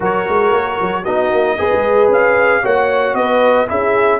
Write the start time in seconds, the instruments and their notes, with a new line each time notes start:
0.00 tuba F#3, trombone F#4, horn A#4, trumpet C#5
0.28 tuba G#3
0.51 tuba A#3
0.80 tuba F#3
1.02 tuba B3, trombone D#4, horn F#4, trumpet D#5
1.30 tuba A#3
1.57 tuba B3, trombone G#4, horn B4
1.73 tuba G#3
2.08 tuba C#4, trumpet F5
2.62 tuba A#3, trombone F#4, horn C#5, trumpet F#5
3.13 tuba B3, horn B4, trumpet D#5
3.67 tuba C#4, trombone E4, horn G#4, trumpet E5